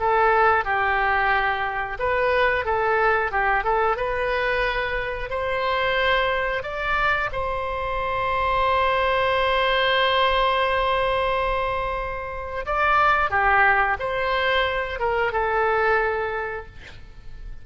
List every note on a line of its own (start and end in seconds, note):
0.00 0.65 A4
0.65 1.98 G4
1.99 2.65 B4
2.65 3.32 A4
3.32 3.64 G4
3.64 3.97 A4
3.97 5.30 B4
5.30 6.63 C5
6.63 7.30 D5
7.32 12.65 C5
12.66 13.30 D5
13.30 13.97 G4
14.00 15.00 C5
15.00 15.32 A#4
15.32 16.66 A4